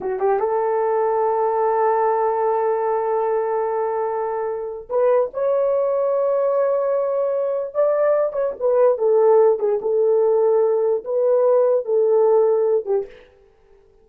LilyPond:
\new Staff \with { instrumentName = "horn" } { \time 4/4 \tempo 4 = 147 fis'8 g'8 a'2.~ | a'1~ | a'1 | b'4 cis''2.~ |
cis''2. d''4~ | d''8 cis''8 b'4 a'4. gis'8 | a'2. b'4~ | b'4 a'2~ a'8 g'8 | }